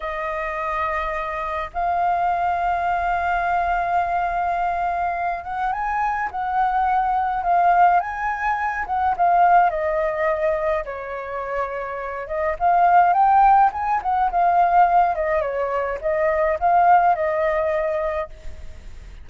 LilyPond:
\new Staff \with { instrumentName = "flute" } { \time 4/4 \tempo 4 = 105 dis''2. f''4~ | f''1~ | f''4. fis''8 gis''4 fis''4~ | fis''4 f''4 gis''4. fis''8 |
f''4 dis''2 cis''4~ | cis''4. dis''8 f''4 g''4 | gis''8 fis''8 f''4. dis''8 cis''4 | dis''4 f''4 dis''2 | }